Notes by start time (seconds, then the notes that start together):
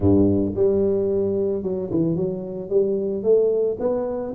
0.00 G2
0.55 G3
1.62 F#3
1.90 E3
2.15 F#3
2.69 G3
3.23 A3
3.79 B3